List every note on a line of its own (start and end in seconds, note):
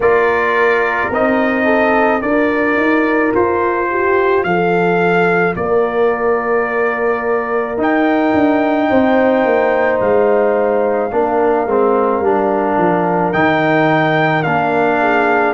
0.00 1.07 A#3
0.00 1.12 F4
0.00 1.65 A#4
0.00 1.12 D5
1.10 2.21 C4
1.10 2.22 D#4
1.10 2.21 D#5
1.65 2.20 A4
2.21 2.76 D4
2.21 7.77 F4
2.21 3.89 A#4
2.21 3.32 D5
2.76 3.32 D#4
3.34 4.44 F4
3.34 4.43 C5
3.90 4.46 G4
4.43 5.55 F3
4.43 5.57 A4
4.43 5.54 F5
5.56 7.77 A#3
5.56 8.89 A#4
5.56 7.78 D5
7.77 11.10 D#4
7.77 8.33 D#4
7.77 10.00 G5
8.33 8.89 D4
8.89 9.44 C4
8.89 11.11 C5
9.44 10.00 A#3
10.00 11.11 G#3
10.00 13.32 F5
11.12 11.65 A#3
11.12 11.67 D4
11.12 15.00 A#4
11.65 12.20 G#3
11.65 12.23 C4
12.20 12.75 G3
12.20 13.33 D4
12.77 13.33 F3
13.32 14.44 D#3
13.32 14.44 D#4
13.32 14.43 G5
14.43 15.54 A#3
14.43 15.54 D4
14.43 15.54 F5
15.00 15.54 G#4